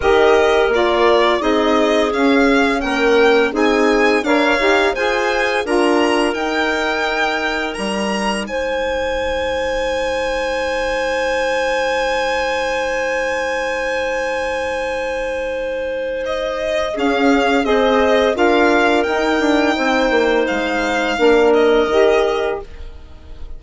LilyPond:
<<
  \new Staff \with { instrumentName = "violin" } { \time 4/4 \tempo 4 = 85 dis''4 d''4 dis''4 f''4 | g''4 gis''4 f''4 gis''4 | ais''4 g''2 ais''4 | gis''1~ |
gis''1~ | gis''2. dis''4 | f''4 dis''4 f''4 g''4~ | g''4 f''4. dis''4. | }
  \new Staff \with { instrumentName = "clarinet" } { \time 4/4 ais'2 gis'2 | ais'4 gis'4 cis''4 c''4 | ais'1 | c''1~ |
c''1~ | c''1 | gis'4 c''4 ais'2 | c''2 ais'2 | }
  \new Staff \with { instrumentName = "saxophone" } { \time 4/4 g'4 f'4 dis'4 cis'4~ | cis'4 dis'4 ais'8 g'8 gis'4 | f'4 dis'2.~ | dis'1~ |
dis'1~ | dis'1 | cis'4 gis'4 f'4 dis'4~ | dis'2 d'4 g'4 | }
  \new Staff \with { instrumentName = "bassoon" } { \time 4/4 dis4 ais4 c'4 cis'4 | ais4 c'4 d'8 dis'8 f'4 | d'4 dis'2 g4 | gis1~ |
gis1~ | gis1 | cis'4 c'4 d'4 dis'8 d'8 | c'8 ais8 gis4 ais4 dis4 | }
>>